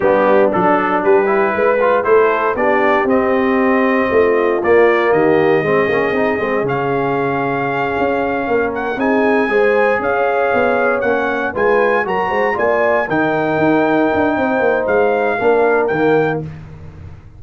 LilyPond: <<
  \new Staff \with { instrumentName = "trumpet" } { \time 4/4 \tempo 4 = 117 g'4 a'4 b'2 | c''4 d''4 dis''2~ | dis''4 d''4 dis''2~ | dis''4 f''2.~ |
f''4 fis''8 gis''2 f''8~ | f''4. fis''4 gis''4 ais''8~ | ais''8 gis''4 g''2~ g''8~ | g''4 f''2 g''4 | }
  \new Staff \with { instrumentName = "horn" } { \time 4/4 d'2 g'4 b'4 | a'4 g'2. | f'2 g'4 gis'4~ | gis'1~ |
gis'8 ais'4 gis'4 c''4 cis''8~ | cis''2~ cis''8 b'4 ais'8 | c''8 d''4 ais'2~ ais'8 | c''2 ais'2 | }
  \new Staff \with { instrumentName = "trombone" } { \time 4/4 b4 d'4. e'4 f'8 | e'4 d'4 c'2~ | c'4 ais2 c'8 cis'8 | dis'8 c'8 cis'2.~ |
cis'4. dis'4 gis'4.~ | gis'4. cis'4 f'4 fis'8~ | fis'8 f'4 dis'2~ dis'8~ | dis'2 d'4 ais4 | }
  \new Staff \with { instrumentName = "tuba" } { \time 4/4 g4 fis4 g4 gis4 | a4 b4 c'2 | a4 ais4 dis4 gis8 ais8 | c'8 gis8 cis2~ cis8 cis'8~ |
cis'8 ais4 c'4 gis4 cis'8~ | cis'8 b4 ais4 gis4 fis8 | gis8 ais4 dis4 dis'4 d'8 | c'8 ais8 gis4 ais4 dis4 | }
>>